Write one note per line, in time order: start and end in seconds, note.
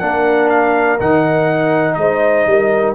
0.00 1.01 A#3
0.00 0.99 D4
0.00 1.97 A#4
0.00 0.49 F#5
0.50 0.99 F5
1.00 1.97 D#3
1.00 2.95 D#4
1.00 1.95 F#5
1.95 2.46 G#3
1.95 2.49 C5
1.95 2.93 D#5
2.47 2.95 G3
2.47 2.95 A#4